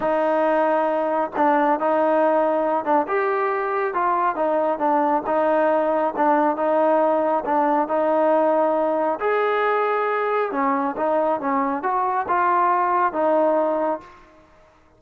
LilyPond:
\new Staff \with { instrumentName = "trombone" } { \time 4/4 \tempo 4 = 137 dis'2. d'4 | dis'2~ dis'8 d'8 g'4~ | g'4 f'4 dis'4 d'4 | dis'2 d'4 dis'4~ |
dis'4 d'4 dis'2~ | dis'4 gis'2. | cis'4 dis'4 cis'4 fis'4 | f'2 dis'2 | }